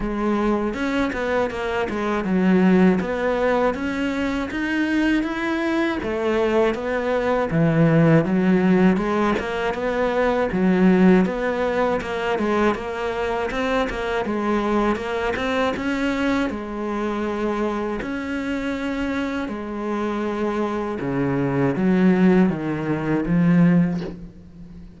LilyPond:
\new Staff \with { instrumentName = "cello" } { \time 4/4 \tempo 4 = 80 gis4 cis'8 b8 ais8 gis8 fis4 | b4 cis'4 dis'4 e'4 | a4 b4 e4 fis4 | gis8 ais8 b4 fis4 b4 |
ais8 gis8 ais4 c'8 ais8 gis4 | ais8 c'8 cis'4 gis2 | cis'2 gis2 | cis4 fis4 dis4 f4 | }